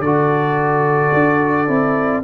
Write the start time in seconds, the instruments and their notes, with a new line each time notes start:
0.00 tuba D3, trombone F#4, horn A4, trumpet D5
1.14 tuba D4
1.68 tuba C4, trombone E4